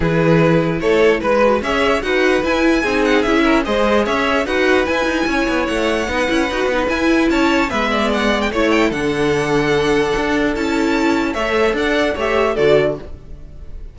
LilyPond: <<
  \new Staff \with { instrumentName = "violin" } { \time 4/4 \tempo 4 = 148 b'2 cis''4 b'4 | e''4 fis''4 gis''4. fis''8 | e''4 dis''4 e''4 fis''4 | gis''2 fis''2~ |
fis''4 gis''4 a''4 e''4 | fis''8. g''16 cis''8 g''8 fis''2~ | fis''2 a''2 | e''4 fis''4 e''4 d''4 | }
  \new Staff \with { instrumentName = "violin" } { \time 4/4 gis'2 a'4 b'4 | cis''4 b'2 gis'4~ | gis'8 ais'8 c''4 cis''4 b'4~ | b'4 cis''2 b'4~ |
b'2 cis''4 b'8 d''8~ | d''4 cis''4 a'2~ | a'1 | cis''4 d''4 cis''4 a'4 | }
  \new Staff \with { instrumentName = "viola" } { \time 4/4 e'2.~ e'8 fis'8 | gis'4 fis'4 e'4 dis'4 | e'4 gis'2 fis'4 | e'2. dis'8 e'8 |
fis'8 dis'8 e'2 b4~ | b4 e'4 d'2~ | d'2 e'2 | a'2 g'4 fis'4 | }
  \new Staff \with { instrumentName = "cello" } { \time 4/4 e2 a4 gis4 | cis'4 dis'4 e'4 c'4 | cis'4 gis4 cis'4 dis'4 | e'8 dis'8 cis'8 b8 a4 b8 cis'8 |
dis'8 b8 e'4 cis'4 gis4~ | gis4 a4 d2~ | d4 d'4 cis'2 | a4 d'4 a4 d4 | }
>>